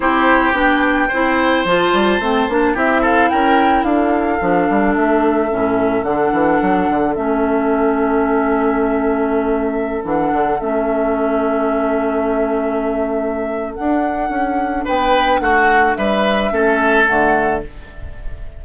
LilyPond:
<<
  \new Staff \with { instrumentName = "flute" } { \time 4/4 \tempo 4 = 109 c''4 g''2 a''4~ | a''4 e''8 f''8 g''4 f''4~ | f''4 e''2 fis''4~ | fis''4 e''2.~ |
e''2~ e''16 fis''4 e''8.~ | e''1~ | e''4 fis''2 g''4 | fis''4 e''2 fis''4 | }
  \new Staff \with { instrumentName = "oboe" } { \time 4/4 g'2 c''2~ | c''4 g'8 a'8 ais'4 a'4~ | a'1~ | a'1~ |
a'1~ | a'1~ | a'2. b'4 | fis'4 b'4 a'2 | }
  \new Staff \with { instrumentName = "clarinet" } { \time 4/4 e'4 d'4 e'4 f'4 | c'8 d'8 e'2. | d'2 cis'4 d'4~ | d'4 cis'2.~ |
cis'2~ cis'16 d'4 cis'8.~ | cis'1~ | cis'4 d'2.~ | d'2 cis'4 a4 | }
  \new Staff \with { instrumentName = "bassoon" } { \time 4/4 c'4 b4 c'4 f8 g8 | a8 ais8 c'4 cis'4 d'4 | f8 g8 a4 a,4 d8 e8 | fis8 d8 a2.~ |
a2~ a16 e8 d8 a8.~ | a1~ | a4 d'4 cis'4 b4 | a4 g4 a4 d4 | }
>>